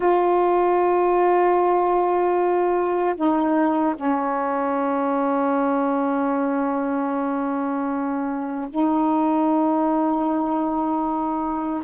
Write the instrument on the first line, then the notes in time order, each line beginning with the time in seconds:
saxophone
0.00 F4
3.16 D#4
3.95 C#4
8.69 D#4